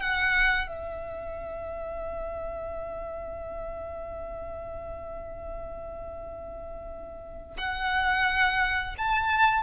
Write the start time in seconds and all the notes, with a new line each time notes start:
0.00 F#5
0.67 E5
7.57 F#5
8.97 A5